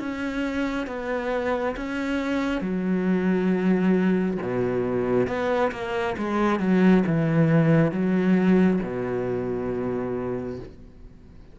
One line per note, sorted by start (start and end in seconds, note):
0.00 0.87 C#4
0.87 1.76 B3
1.77 2.62 C#4
2.62 4.38 F#3
4.43 5.28 B2
5.28 5.72 B3
5.72 6.16 A#3
6.18 6.60 G#3
6.60 7.04 F#3
7.07 7.92 E3
7.92 8.80 F#3
8.84 10.60 B2